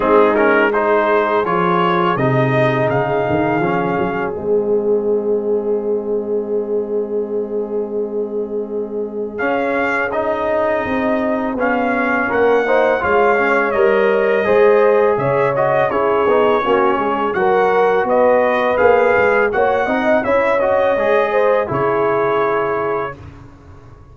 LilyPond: <<
  \new Staff \with { instrumentName = "trumpet" } { \time 4/4 \tempo 4 = 83 gis'8 ais'8 c''4 cis''4 dis''4 | f''2 dis''2~ | dis''1~ | dis''4 f''4 dis''2 |
f''4 fis''4 f''4 dis''4~ | dis''4 e''8 dis''8 cis''2 | fis''4 dis''4 f''4 fis''4 | e''8 dis''4. cis''2 | }
  \new Staff \with { instrumentName = "horn" } { \time 4/4 dis'4 gis'2.~ | gis'1~ | gis'1~ | gis'1~ |
gis'4 ais'8 c''8 cis''2 | c''4 cis''4 gis'4 fis'8 gis'8 | ais'4 b'2 cis''8 dis''8 | cis''4. c''8 gis'2 | }
  \new Staff \with { instrumentName = "trombone" } { \time 4/4 c'8 cis'8 dis'4 f'4 dis'4~ | dis'4 cis'4 c'2~ | c'1~ | c'4 cis'4 dis'2 |
cis'4. dis'8 f'8 cis'8 ais'4 | gis'4. fis'8 e'8 dis'8 cis'4 | fis'2 gis'4 fis'8 dis'8 | e'8 fis'8 gis'4 e'2 | }
  \new Staff \with { instrumentName = "tuba" } { \time 4/4 gis2 f4 c4 | cis8 dis8 f8 fis8 gis2~ | gis1~ | gis4 cis'2 c'4 |
b4 ais4 gis4 g4 | gis4 cis4 cis'8 b8 ais8 gis8 | fis4 b4 ais8 gis8 ais8 c'8 | cis'4 gis4 cis2 | }
>>